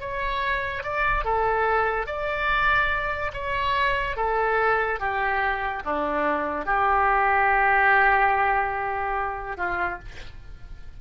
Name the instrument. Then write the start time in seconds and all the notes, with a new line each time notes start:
oboe
0.00 C#5
0.83 D5
1.24 A4
2.07 D5
3.33 C#5
4.16 A4
5.00 G4
5.85 D4
6.66 G4
9.58 F4